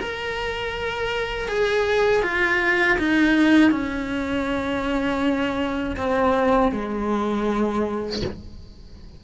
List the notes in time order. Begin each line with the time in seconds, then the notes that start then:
0.00 A#4
1.48 G#4
2.23 F4
2.98 D#4
3.71 C#4
5.97 C4
6.72 G#3